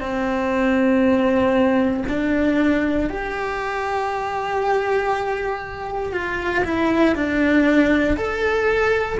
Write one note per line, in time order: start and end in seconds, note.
0.00 2.03 C4
2.08 3.09 D4
3.09 6.12 G4
6.12 6.63 F4
6.64 7.15 E4
7.15 8.16 D4
8.16 9.18 A4